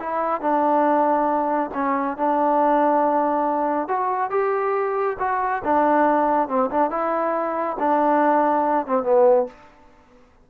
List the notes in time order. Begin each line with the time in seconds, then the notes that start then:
0.00 E4
0.42 D4
1.75 C#4
2.18 D4
3.88 F#4
4.31 G4
5.20 F#4
5.65 D4
6.49 C4
6.71 D4
6.91 E4
7.80 D4
8.87 C4
9.04 B3